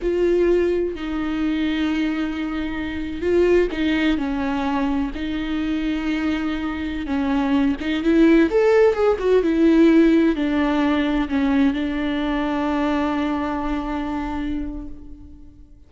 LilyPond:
\new Staff \with { instrumentName = "viola" } { \time 4/4 \tempo 4 = 129 f'2 dis'2~ | dis'2. f'4 | dis'4 cis'2 dis'4~ | dis'2.~ dis'16 cis'8.~ |
cis'8. dis'8 e'4 a'4 gis'8 fis'16~ | fis'16 e'2 d'4.~ d'16~ | d'16 cis'4 d'2~ d'8.~ | d'1 | }